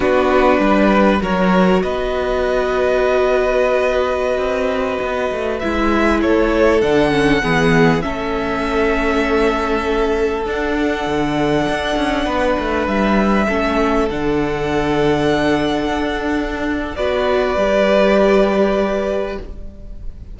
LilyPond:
<<
  \new Staff \with { instrumentName = "violin" } { \time 4/4 \tempo 4 = 99 b'2 cis''4 dis''4~ | dis''1~ | dis''4~ dis''16 e''4 cis''4 fis''8.~ | fis''4~ fis''16 e''2~ e''8.~ |
e''4~ e''16 fis''2~ fis''8.~ | fis''4~ fis''16 e''2 fis''8.~ | fis''1 | d''1 | }
  \new Staff \with { instrumentName = "violin" } { \time 4/4 fis'4 b'4 ais'4 b'4~ | b'1~ | b'2~ b'16 a'4.~ a'16~ | a'16 gis'4 a'2~ a'8.~ |
a'1~ | a'16 b'2 a'4.~ a'16~ | a'1 | b'1 | }
  \new Staff \with { instrumentName = "viola" } { \time 4/4 d'2 fis'2~ | fis'1~ | fis'4~ fis'16 e'2 d'8 cis'16~ | cis'16 b4 cis'2~ cis'8.~ |
cis'4~ cis'16 d'2~ d'8.~ | d'2~ d'16 cis'4 d'8.~ | d'1 | fis'4 g'2. | }
  \new Staff \with { instrumentName = "cello" } { \time 4/4 b4 g4 fis4 b4~ | b2.~ b16 c'8.~ | c'16 b8 a8 gis4 a4 d8.~ | d16 e4 a2~ a8.~ |
a4~ a16 d'4 d4 d'8 cis'16~ | cis'16 b8 a8 g4 a4 d8.~ | d2~ d16 d'4.~ d'16 | b4 g2. | }
>>